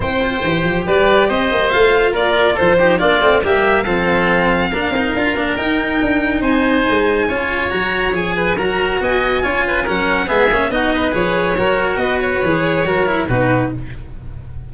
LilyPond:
<<
  \new Staff \with { instrumentName = "violin" } { \time 4/4 \tempo 4 = 140 g''2 d''4 dis''4 | f''4 d''4 c''4 d''4 | e''4 f''2.~ | f''4 g''2 gis''4~ |
gis''2 ais''4 gis''4 | ais''4 gis''2 fis''4 | e''4 dis''4 cis''2 | dis''8 cis''2~ cis''8 b'4 | }
  \new Staff \with { instrumentName = "oboe" } { \time 4/4 c''2 b'4 c''4~ | c''4 ais'4 a'8 g'8 f'4 | g'4 a'2 ais'4~ | ais'2. c''4~ |
c''4 cis''2~ cis''8 b'8 | ais'4 dis''4 cis''8 b'8 ais'4 | gis'4 fis'8 b'4. ais'4 | b'2 ais'4 fis'4 | }
  \new Staff \with { instrumentName = "cello" } { \time 4/4 e'8 f'8 g'2. | f'2~ f'8 dis'8 d'8 c'8 | ais4 c'2 d'8 dis'8 | f'8 d'8 dis'2.~ |
dis'4 f'4 fis'4 gis'4 | fis'2 f'4 cis'4 | b8 cis'8 dis'4 gis'4 fis'4~ | fis'4 gis'4 fis'8 e'8 dis'4 | }
  \new Staff \with { instrumentName = "tuba" } { \time 4/4 c'4 e8 f8 g4 c'8 ais8 | a4 ais4 f4 ais8 a8 | g4 f2 ais8 c'8 | d'8 ais8 dis'4 d'4 c'4 |
gis4 cis'4 fis4 f4 | fis4 b4 cis'4 fis4 | gis8 ais8 b4 f4 fis4 | b4 e4 fis4 b,4 | }
>>